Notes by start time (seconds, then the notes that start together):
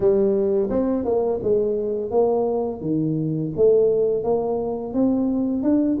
0.00 G3
0.69 C4
1.04 A#3
1.42 G#3
2.10 A#3
2.80 D#3
3.56 A3
4.23 A#3
4.93 C4
5.62 D4